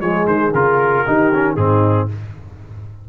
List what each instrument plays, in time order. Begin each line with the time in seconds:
0.00 tuba F3, trombone G#3, horn G#4, trumpet C#5
0.27 tuba D#3, trumpet C5
0.53 tuba C#3, trombone F4, trumpet A#4
1.06 tuba D#3, trombone D#4, horn G4
1.34 trombone C#4
1.55 tuba G#2, trombone C4, horn D#4, trumpet G#4